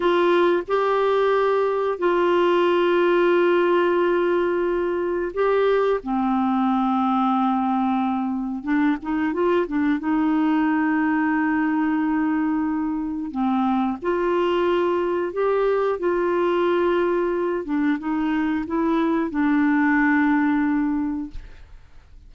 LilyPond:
\new Staff \with { instrumentName = "clarinet" } { \time 4/4 \tempo 4 = 90 f'4 g'2 f'4~ | f'1 | g'4 c'2.~ | c'4 d'8 dis'8 f'8 d'8 dis'4~ |
dis'1 | c'4 f'2 g'4 | f'2~ f'8 d'8 dis'4 | e'4 d'2. | }